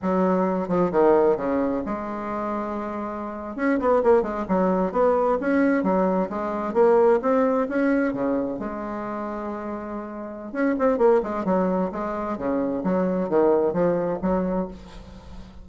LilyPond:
\new Staff \with { instrumentName = "bassoon" } { \time 4/4 \tempo 4 = 131 fis4. f8 dis4 cis4 | gis2.~ gis8. cis'16~ | cis'16 b8 ais8 gis8 fis4 b4 cis'16~ | cis'8. fis4 gis4 ais4 c'16~ |
c'8. cis'4 cis4 gis4~ gis16~ | gis2. cis'8 c'8 | ais8 gis8 fis4 gis4 cis4 | fis4 dis4 f4 fis4 | }